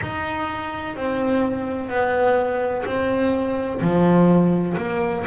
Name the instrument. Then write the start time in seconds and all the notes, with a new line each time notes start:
double bass
0.01 D#4
0.95 C4
1.89 B3
2.85 C4
3.81 F3
4.77 A#3